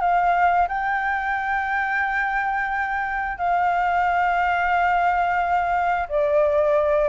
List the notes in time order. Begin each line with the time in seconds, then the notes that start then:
0.00 F5
0.68 G5
3.37 F5
6.08 D5